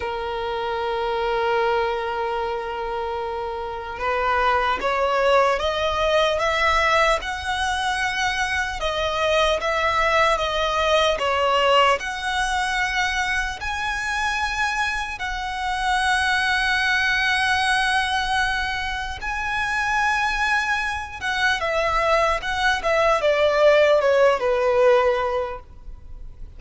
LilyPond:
\new Staff \with { instrumentName = "violin" } { \time 4/4 \tempo 4 = 75 ais'1~ | ais'4 b'4 cis''4 dis''4 | e''4 fis''2 dis''4 | e''4 dis''4 cis''4 fis''4~ |
fis''4 gis''2 fis''4~ | fis''1 | gis''2~ gis''8 fis''8 e''4 | fis''8 e''8 d''4 cis''8 b'4. | }